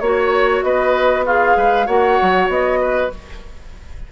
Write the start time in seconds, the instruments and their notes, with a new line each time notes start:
0.00 bassoon A#3, clarinet F#4, flute C#5, oboe C#5
0.63 bassoon B3, oboe B4, flute D#5
1.26 oboe F4, clarinet G#4, flute F5
1.57 bassoon G#3, oboe B4
1.86 bassoon A#3, clarinet F#4, oboe C#5, flute F#5
2.22 bassoon F#3
2.48 bassoon B3, flute D#5
2.81 oboe B4